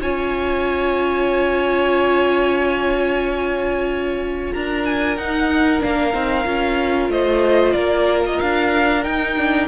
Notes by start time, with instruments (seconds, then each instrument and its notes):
0.00 cello C#4, viola F4, violin C#5 G#5
4.53 cello D4, violin A#4 A#5
4.85 violin G#5
5.16 cello D#4, viola D#4, violin F#5
5.80 cello A#3, viola D4, violin F5
6.12 cello C4, viola D#4
6.44 cello C#4, viola F4
7.09 cello A3, violin C5 D#5
7.72 cello A#3, violin A#4 D5
8.26 violin D#5
8.40 cello D4, violin F5
9.02 viola D#4, cello D#4, violin G5
9.37 viola D4